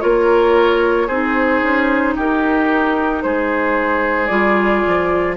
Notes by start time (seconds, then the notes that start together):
0.00 A#3 F4 A#4 C#5
1.07 C4 D#4 G#4 C5
1.62 C#4
2.15 D#4 G4 A#4
3.22 G#3 G#4 C5
4.26 G3 F4 D5
4.87 F3